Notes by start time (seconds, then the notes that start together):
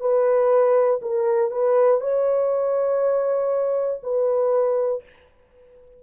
0.00 B4
1.01 A#4
1.51 B4
2.01 C#5
4.03 B4